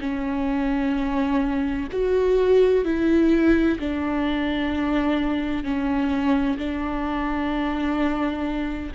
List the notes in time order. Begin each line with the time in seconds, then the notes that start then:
0.00 C#4
1.91 F#4
2.84 E4
3.79 D4
5.63 C#4
6.57 D4